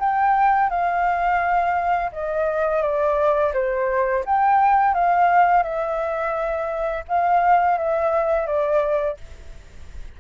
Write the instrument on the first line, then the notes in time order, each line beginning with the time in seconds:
flute
0.00 G5
0.70 F5
2.12 D#5
2.82 D5
3.54 C5
4.25 G5
4.94 F5
5.63 E5
7.08 F5
7.78 E5
8.46 D5